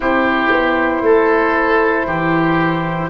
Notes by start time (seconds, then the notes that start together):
0.00 C4 E4 G4 C5
0.50 B3
1.01 A3 A4
2.05 E3 G4